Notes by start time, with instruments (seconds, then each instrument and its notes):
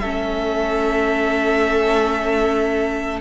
0.00 cello A3, viola C#4, violin A4 E5